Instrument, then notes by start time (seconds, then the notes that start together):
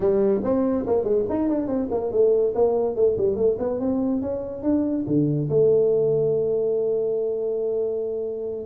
tuba
0.00 G3
0.43 C4
0.86 A#3
1.04 G#3
1.29 D#4
1.48 D4
1.67 C4
1.90 A#3
2.11 A3
2.54 A#3
2.95 A3
3.17 G3
3.36 A3
3.58 B3
3.79 C4
4.21 C#4
4.62 D4
5.07 D3
5.49 A3